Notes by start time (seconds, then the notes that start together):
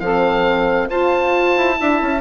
0.00 F3 C4 A4 F5
0.90 F4 C5 A5
1.57 E4
1.75 D4 E4 E5
2.01 C#4